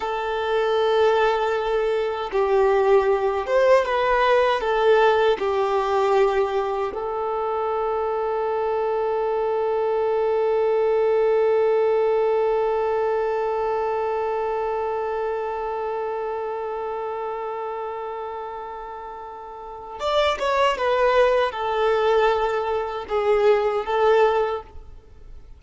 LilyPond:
\new Staff \with { instrumentName = "violin" } { \time 4/4 \tempo 4 = 78 a'2. g'4~ | g'8 c''8 b'4 a'4 g'4~ | g'4 a'2.~ | a'1~ |
a'1~ | a'1~ | a'2 d''8 cis''8 b'4 | a'2 gis'4 a'4 | }